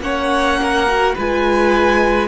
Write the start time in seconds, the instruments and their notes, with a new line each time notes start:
0.00 cello A#3, viola C#4, violin C#5 F#5
0.62 violin A#4
0.88 viola F#4
1.15 cello G#3, viola F4, violin B4 G#5